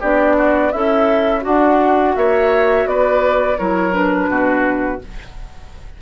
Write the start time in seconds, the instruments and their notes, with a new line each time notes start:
0.00 bassoon B3, clarinet D4, oboe G4, flute D5
0.36 oboe F#4
0.71 bassoon C#4, oboe E4, clarinet A4, flute E5
1.41 oboe D4, bassoon D4, clarinet F#4, flute F#5
2.16 bassoon A#3, oboe C#5, flute E5
2.86 bassoon B3, oboe B4, flute D5
3.58 bassoon F#3, clarinet E4, oboe A#4, flute C#5
3.91 clarinet D4, flute B4
4.28 bassoon B2, oboe F#4